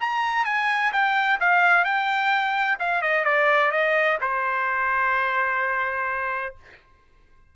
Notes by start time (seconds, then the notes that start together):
0.00 A#5
0.45 G#5
0.92 G5
1.40 F5
1.84 G5
2.79 F5
3.02 D#5
3.25 D5
3.71 D#5
4.21 C5